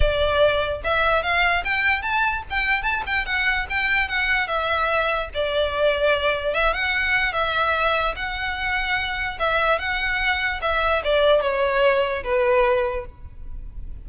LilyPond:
\new Staff \with { instrumentName = "violin" } { \time 4/4 \tempo 4 = 147 d''2 e''4 f''4 | g''4 a''4 g''4 a''8 g''8 | fis''4 g''4 fis''4 e''4~ | e''4 d''2. |
e''8 fis''4. e''2 | fis''2. e''4 | fis''2 e''4 d''4 | cis''2 b'2 | }